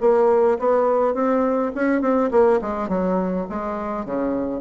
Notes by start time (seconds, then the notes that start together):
0.00 A#3
0.59 B3
1.14 C4
1.75 C#4
2.01 C4
2.31 A#3
2.61 G#3
2.88 F#3
3.49 G#3
4.05 C#3